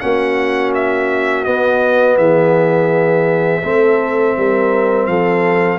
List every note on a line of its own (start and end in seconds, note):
0.00 1.47 A#3
0.00 1.46 C#4
0.00 2.17 F#4
0.00 0.72 F#5
0.74 1.45 E5
1.45 3.63 B3
1.45 2.18 B3
1.45 2.17 D#5
2.17 3.62 E3
2.17 3.62 G#4
2.17 5.07 E5
3.63 4.37 A3
3.63 5.79 C4
3.63 4.37 A4
4.37 5.07 G3
4.37 5.09 A#4
5.07 5.79 F3
5.07 5.79 A4
5.07 5.79 F5